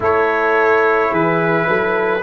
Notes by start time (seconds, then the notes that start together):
0.00 A3 E4 A4 C#5
1.11 E3 G#4 B4
1.68 F#3 A4